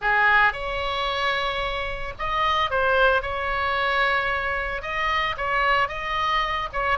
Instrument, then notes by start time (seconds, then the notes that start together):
oboe
0.01 G#4
0.53 C#5
2.18 D#5
2.70 C5
3.22 C#5
4.81 D#5
5.37 C#5
5.88 D#5
6.72 C#5